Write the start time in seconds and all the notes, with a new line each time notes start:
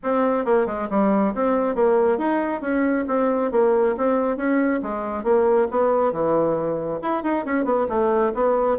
0.03 C4
0.45 A#3
0.66 G#3
0.90 G3
1.34 C4
1.75 A#3
2.18 D#4
2.61 C#4
3.07 C4
3.51 A#3
3.97 C4
4.36 C#4
4.82 G#3
5.23 A#3
5.71 B3
6.12 E3
7.02 E4
7.23 D#4
7.45 C#4
7.64 B3
7.88 A3
8.34 B3